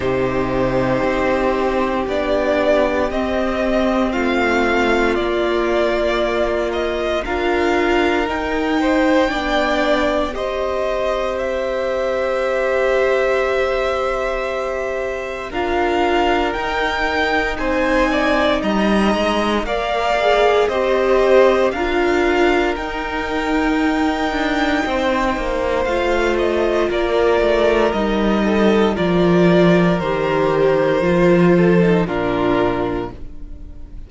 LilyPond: <<
  \new Staff \with { instrumentName = "violin" } { \time 4/4 \tempo 4 = 58 c''2 d''4 dis''4 | f''4 d''4. dis''8 f''4 | g''2 dis''4 e''4~ | e''2. f''4 |
g''4 gis''4 ais''4 f''4 | dis''4 f''4 g''2~ | g''4 f''8 dis''8 d''4 dis''4 | d''4 c''2 ais'4 | }
  \new Staff \with { instrumentName = "violin" } { \time 4/4 g'1 | f'2. ais'4~ | ais'8 c''8 d''4 c''2~ | c''2. ais'4~ |
ais'4 c''8 d''8 dis''4 d''4 | c''4 ais'2. | c''2 ais'4. a'8 | ais'2~ ais'8 a'8 f'4 | }
  \new Staff \with { instrumentName = "viola" } { \time 4/4 dis'2 d'4 c'4~ | c'4 ais2 f'4 | dis'4 d'4 g'2~ | g'2. f'4 |
dis'2. ais'8 gis'8 | g'4 f'4 dis'2~ | dis'4 f'2 dis'4 | f'4 g'4 f'8. dis'16 d'4 | }
  \new Staff \with { instrumentName = "cello" } { \time 4/4 c4 c'4 b4 c'4 | a4 ais2 d'4 | dis'4 b4 c'2~ | c'2. d'4 |
dis'4 c'4 g8 gis8 ais4 | c'4 d'4 dis'4. d'8 | c'8 ais8 a4 ais8 a8 g4 | f4 dis4 f4 ais,4 | }
>>